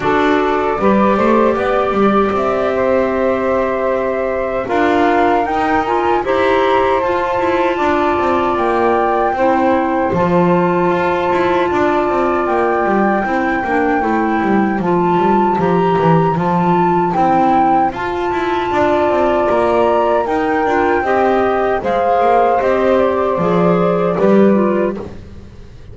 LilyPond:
<<
  \new Staff \with { instrumentName = "flute" } { \time 4/4 \tempo 4 = 77 d''2. e''4~ | e''2 f''4 g''8 gis''8 | ais''4 a''2 g''4~ | g''4 a''2. |
g''2. a''4 | ais''4 a''4 g''4 a''4~ | a''4 ais''4 g''2 | f''4 dis''8 d''2~ d''8 | }
  \new Staff \with { instrumentName = "saxophone" } { \time 4/4 a'4 b'8 c''8 d''4. c''8~ | c''2 ais'2 | c''2 d''2 | c''2. d''4~ |
d''4 c''2.~ | c''1 | d''2 ais'4 dis''4 | c''2. b'4 | }
  \new Staff \with { instrumentName = "clarinet" } { \time 4/4 fis'4 g'2.~ | g'2 f'4 dis'8 f'8 | g'4 f'2. | e'4 f'2.~ |
f'4 e'8 d'8 e'4 f'4 | g'4 f'4 e'4 f'4~ | f'2 dis'8 f'8 g'4 | gis'4 g'4 gis'4 g'8 f'8 | }
  \new Staff \with { instrumentName = "double bass" } { \time 4/4 d'4 g8 a8 b8 g8 c'4~ | c'2 d'4 dis'4 | e'4 f'8 e'8 d'8 c'8 ais4 | c'4 f4 f'8 e'8 d'8 c'8 |
ais8 g8 c'8 ais8 a8 g8 f8 g8 | f8 e8 f4 c'4 f'8 e'8 | d'8 c'8 ais4 dis'8 d'8 c'4 | gis8 ais8 c'4 f4 g4 | }
>>